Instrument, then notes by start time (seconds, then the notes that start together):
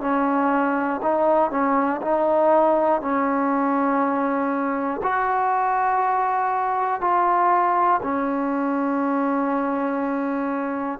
trombone
0.00 C#4
1.02 D#4
1.50 C#4
2.01 D#4
3.00 C#4
5.02 F#4
7.00 F4
8.02 C#4